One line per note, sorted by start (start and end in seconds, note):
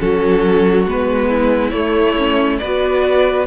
0.00 0.86 F#3
0.00 0.87 C#4
0.00 1.29 F#4
0.00 0.87 A4
0.86 1.73 G#3
0.86 1.74 B3
0.86 1.70 B4
1.29 2.60 E4
1.70 2.61 A3
1.70 2.18 A3
1.70 2.57 C#5
2.18 2.62 C#4
2.59 3.47 B3
2.59 3.47 F#4
2.59 3.47 B4
2.59 3.45 D5